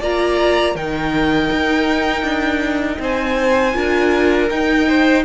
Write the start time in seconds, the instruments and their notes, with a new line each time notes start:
0.00 cello A#3, viola F4, violin D5 A#5
0.75 cello D#3, viola D#4, violin A#4 G5
1.52 cello D#4
2.23 cello D4
3.00 cello C4, violin C5 G#5
3.74 cello D4, viola F4, violin A#4
4.50 cello D#4, viola D#4, violin G5
4.88 violin C5